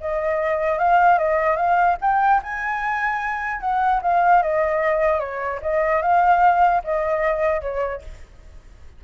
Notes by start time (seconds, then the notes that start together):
0.00 D#5
0.78 F5
1.18 D#5
1.56 F5
2.01 G5
2.42 G#5
3.60 F#5
4.02 F5
4.42 D#5
5.19 C#5
5.62 D#5
6.01 F5
6.84 D#5
7.61 C#5